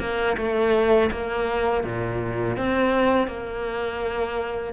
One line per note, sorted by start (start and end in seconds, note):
0.00 0.37 A#3
0.37 1.10 A3
1.11 1.84 A#3
1.84 2.57 A#2
2.57 3.28 C4
3.28 4.73 A#3